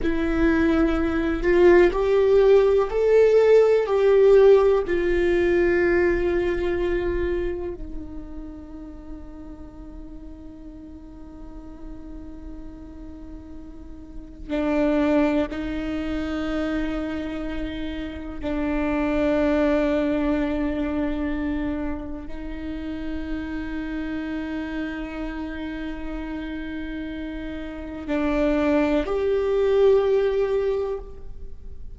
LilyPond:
\new Staff \with { instrumentName = "viola" } { \time 4/4 \tempo 4 = 62 e'4. f'8 g'4 a'4 | g'4 f'2. | dis'1~ | dis'2. d'4 |
dis'2. d'4~ | d'2. dis'4~ | dis'1~ | dis'4 d'4 g'2 | }